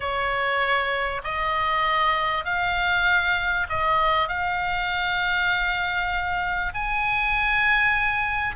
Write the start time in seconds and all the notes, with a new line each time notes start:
0.00 C#5
1.24 D#5
2.44 F5
3.69 D#5
4.28 F5
6.73 G#5